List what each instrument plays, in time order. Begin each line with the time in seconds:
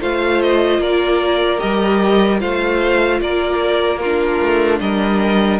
0.00 cello A3, viola F4, violin C5 F5
0.41 violin D#5
0.78 cello A#3, violin A#4 D5
1.58 cello G3, viola G4, violin D#5
2.39 cello A3, viola F4, violin C5 F5
3.20 cello A#3, violin A#4 D5
3.98 violin F4 A#4
4.04 viola D4
4.41 cello A3
4.80 cello G3, violin A#4 D#5